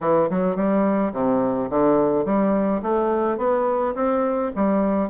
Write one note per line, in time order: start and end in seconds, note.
0.00 0.29 E3
0.30 0.55 F#3
0.55 1.12 G3
1.12 1.69 C3
1.70 2.25 D3
2.25 2.81 G3
2.82 3.37 A3
3.37 3.94 B3
3.95 4.51 C4
4.55 5.09 G3